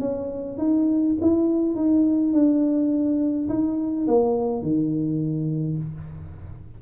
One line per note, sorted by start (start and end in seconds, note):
0.00 0.58 C#4
0.58 1.16 D#4
1.21 1.75 E4
1.75 2.33 D#4
2.33 3.49 D4
3.49 4.07 D#4
4.07 4.62 A#3
4.62 5.77 D#3